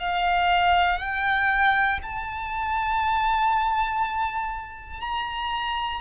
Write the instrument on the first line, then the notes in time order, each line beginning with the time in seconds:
violin
0.00 F5
1.00 G5
2.03 A5
5.01 A#5